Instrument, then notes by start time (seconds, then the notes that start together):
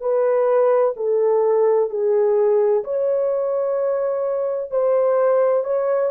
horn
0.00 B4
0.96 A4
1.90 G#4
2.84 C#5
4.70 C5
5.64 C#5